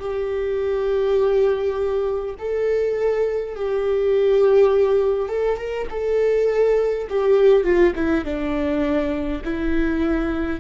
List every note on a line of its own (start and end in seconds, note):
0.00 2.35 G4
2.39 3.56 A4
3.56 5.29 G4
5.29 5.58 A4
5.58 5.87 A#4
5.90 7.08 A4
7.10 7.64 G4
7.64 7.94 F4
7.96 8.25 E4
8.25 9.43 D4
9.44 10.60 E4